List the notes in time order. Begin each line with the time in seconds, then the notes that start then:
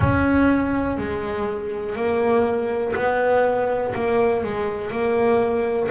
0.00 C#4
0.97 G#3
1.95 A#3
2.95 B3
3.94 A#3
4.44 G#3
4.91 A#3